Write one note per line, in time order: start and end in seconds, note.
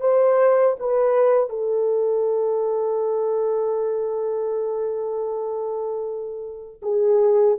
0.00 0.76 C5
0.79 1.49 B4
1.49 6.81 A4
6.82 7.58 G#4